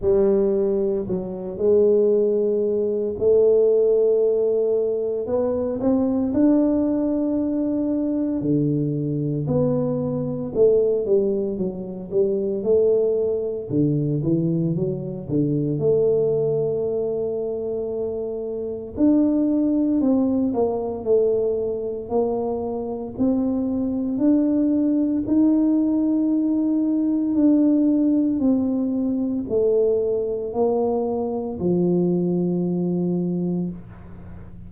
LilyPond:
\new Staff \with { instrumentName = "tuba" } { \time 4/4 \tempo 4 = 57 g4 fis8 gis4. a4~ | a4 b8 c'8 d'2 | d4 b4 a8 g8 fis8 g8 | a4 d8 e8 fis8 d8 a4~ |
a2 d'4 c'8 ais8 | a4 ais4 c'4 d'4 | dis'2 d'4 c'4 | a4 ais4 f2 | }